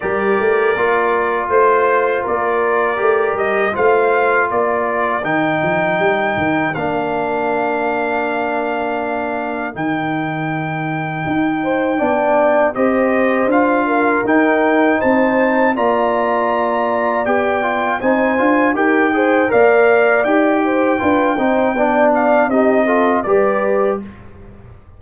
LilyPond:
<<
  \new Staff \with { instrumentName = "trumpet" } { \time 4/4 \tempo 4 = 80 d''2 c''4 d''4~ | d''8 dis''8 f''4 d''4 g''4~ | g''4 f''2.~ | f''4 g''2.~ |
g''4 dis''4 f''4 g''4 | a''4 ais''2 g''4 | gis''4 g''4 f''4 g''4~ | g''4. f''8 dis''4 d''4 | }
  \new Staff \with { instrumentName = "horn" } { \time 4/4 ais'2 c''4 ais'4~ | ais'4 c''4 ais'2~ | ais'1~ | ais'2.~ ais'8 c''8 |
d''4 c''4. ais'4. | c''4 d''2. | c''4 ais'8 c''8 d''4. c''8 | b'8 c''8 d''4 g'8 a'8 b'4 | }
  \new Staff \with { instrumentName = "trombone" } { \time 4/4 g'4 f'2. | g'4 f'2 dis'4~ | dis'4 d'2.~ | d'4 dis'2. |
d'4 g'4 f'4 dis'4~ | dis'4 f'2 g'8 f'8 | dis'8 f'8 g'8 gis'8 ais'4 g'4 | f'8 dis'8 d'4 dis'8 f'8 g'4 | }
  \new Staff \with { instrumentName = "tuba" } { \time 4/4 g8 a8 ais4 a4 ais4 | a8 g8 a4 ais4 dis8 f8 | g8 dis8 ais2.~ | ais4 dis2 dis'4 |
b4 c'4 d'4 dis'4 | c'4 ais2 b4 | c'8 d'8 dis'4 ais4 dis'4 | d'8 c'8 b4 c'4 g4 | }
>>